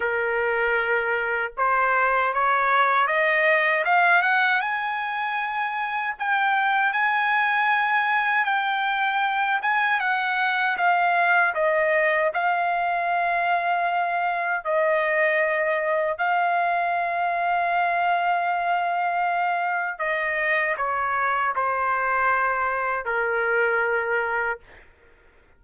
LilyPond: \new Staff \with { instrumentName = "trumpet" } { \time 4/4 \tempo 4 = 78 ais'2 c''4 cis''4 | dis''4 f''8 fis''8 gis''2 | g''4 gis''2 g''4~ | g''8 gis''8 fis''4 f''4 dis''4 |
f''2. dis''4~ | dis''4 f''2.~ | f''2 dis''4 cis''4 | c''2 ais'2 | }